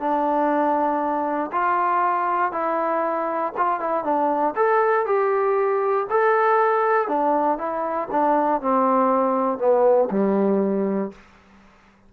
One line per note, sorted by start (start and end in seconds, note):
0.00 1.51 D4
1.53 2.52 F4
2.52 3.53 E4
3.58 3.80 F4
3.80 4.05 E4
4.05 4.55 D4
4.56 5.06 A4
5.06 6.07 G4
6.10 7.08 A4
7.08 7.58 D4
7.58 8.09 E4
8.12 8.62 D4
8.62 9.59 C4
9.59 10.09 B3
10.11 11.12 G3